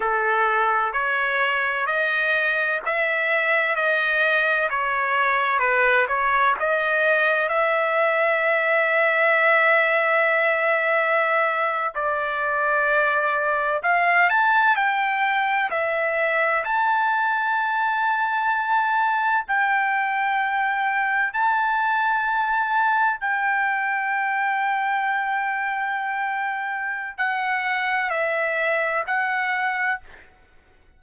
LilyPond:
\new Staff \with { instrumentName = "trumpet" } { \time 4/4 \tempo 4 = 64 a'4 cis''4 dis''4 e''4 | dis''4 cis''4 b'8 cis''8 dis''4 | e''1~ | e''8. d''2 f''8 a''8 g''16~ |
g''8. e''4 a''2~ a''16~ | a''8. g''2 a''4~ a''16~ | a''8. g''2.~ g''16~ | g''4 fis''4 e''4 fis''4 | }